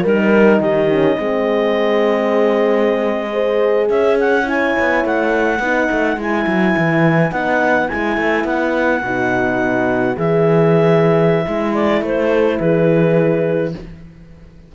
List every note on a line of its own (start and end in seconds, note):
0.00 0.60 G3
0.00 0.90 D#4
0.00 0.57 A#4
0.00 0.61 A#4
0.60 1.17 D#3
0.60 1.18 G4
0.60 3.89 D#5
0.90 1.17 C#4
1.17 3.89 G#3
1.17 3.31 C4
1.17 3.32 G#4
3.32 4.44 G#4
3.32 3.89 C5
3.89 4.75 C#4
3.89 5.60 C#5
3.89 4.18 E5
4.20 4.48 F#5
4.44 5.58 E4
4.44 5.06 G#5
4.79 5.04 B3
5.04 5.59 A3
5.04 6.20 F#5
5.59 5.88 B3
5.59 6.17 D#4
5.59 12.32 B4
5.91 6.17 A3
6.17 6.46 G#3
6.17 7.30 E4
6.17 7.32 G#5
6.47 6.75 F#3
6.77 7.32 E3
7.30 7.89 B3
7.30 7.87 D#4
7.30 7.89 F#5
7.88 8.17 G#3
7.88 9.02 E4
7.88 8.46 G#5
8.17 8.44 A3
8.44 9.01 B3
8.44 10.17 F#5
9.02 10.17 B2
9.02 10.16 D#4
10.16 11.46 E3
10.16 11.44 G#4
10.16 11.74 E5
11.46 12.02 G#3
11.46 13.74 E4
11.74 12.03 D5
12.02 12.59 A3
12.02 12.60 C5
12.33 12.60 A4
12.60 13.74 E3
12.60 13.75 G#4
12.60 13.74 B4